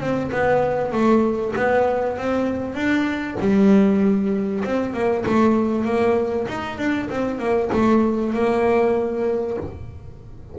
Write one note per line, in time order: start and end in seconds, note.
0.00 0.31 C4
0.32 0.92 B3
0.92 1.54 A3
1.56 2.18 B3
2.18 2.75 C4
2.75 3.37 D4
3.40 4.64 G3
4.64 4.94 C4
4.94 5.25 A#3
5.26 5.85 A3
5.85 6.47 A#3
6.48 6.78 D#4
6.78 7.09 D4
7.10 7.39 C4
7.39 7.70 A#3
7.72 8.34 A3
8.34 9.57 A#3